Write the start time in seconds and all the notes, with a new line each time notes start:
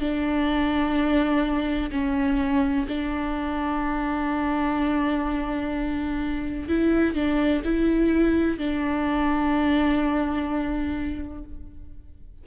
0.00 D4
1.91 C#4
2.88 D4
6.68 E4
7.15 D4
7.65 E4
8.58 D4